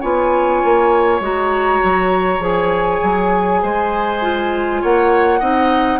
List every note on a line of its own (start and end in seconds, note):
0.00 0.62 B3
0.00 1.21 F4
0.00 3.60 C#5
0.00 1.20 G#5
0.64 1.20 A#3
1.20 1.79 G#3
1.20 2.40 F#4
1.20 2.43 A#5
1.83 2.39 F#3
2.39 2.99 F3
2.39 4.20 G#4
2.39 4.83 G#5
3.02 3.62 F#3
3.62 4.82 G#3
3.62 4.81 C5
4.21 5.40 F4
4.81 5.41 A#3
4.81 5.39 C#5
4.81 6.00 F#5
5.39 6.00 C4
5.39 6.00 D#4
5.39 5.99 D#5